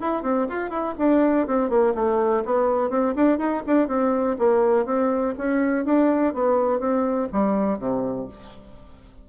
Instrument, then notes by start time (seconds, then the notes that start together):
bassoon
0.00 E4
0.22 C4
0.49 F4
0.69 E4
0.98 D4
1.47 C4
1.69 A#3
1.94 A3
2.45 B3
2.89 C4
3.15 D4
3.38 D#4
3.66 D4
3.87 C4
4.38 A#3
4.85 C4
5.37 C#4
5.84 D4
6.33 B3
6.79 C4
7.32 G3
7.78 C3